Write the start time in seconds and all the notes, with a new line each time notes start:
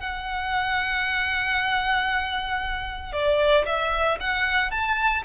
0.00 F#5
3.13 D5
3.66 E5
4.20 F#5
4.71 A5